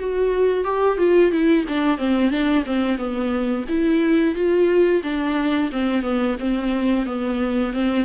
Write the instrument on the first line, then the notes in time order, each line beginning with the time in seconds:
viola
0.00 F#4
0.65 G4
0.98 F4
1.32 E4
1.69 D4
1.98 C4
2.31 D4
2.67 C4
2.98 B3
3.69 E4
4.35 F4
5.03 D4
5.72 C4
6.03 B3
6.40 C4
7.06 B3
7.74 C4